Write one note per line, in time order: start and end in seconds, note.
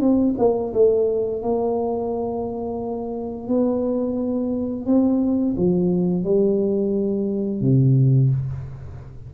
0.00 0.34 C4
0.38 0.73 A#3
0.73 1.42 A3
1.42 3.48 A#3
3.48 4.86 B3
4.86 5.55 C4
5.57 6.24 F3
6.24 7.61 G3
7.61 8.29 C3